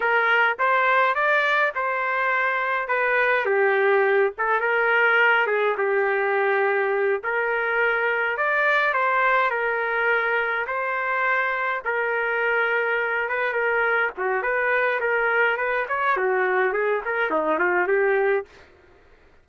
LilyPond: \new Staff \with { instrumentName = "trumpet" } { \time 4/4 \tempo 4 = 104 ais'4 c''4 d''4 c''4~ | c''4 b'4 g'4. a'8 | ais'4. gis'8 g'2~ | g'8 ais'2 d''4 c''8~ |
c''8 ais'2 c''4.~ | c''8 ais'2~ ais'8 b'8 ais'8~ | ais'8 fis'8 b'4 ais'4 b'8 cis''8 | fis'4 gis'8 ais'8 dis'8 f'8 g'4 | }